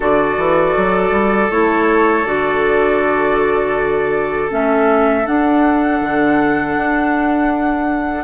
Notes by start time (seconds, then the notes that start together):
0.00 D3 F#4 A4 D5
0.37 E3
0.76 F#3
1.11 G3
1.50 A3 E4 C#5
2.24 D3 F#4 D5
4.49 A3 C#4 E5
5.25 D4 F#5
6.00 D3
6.76 D4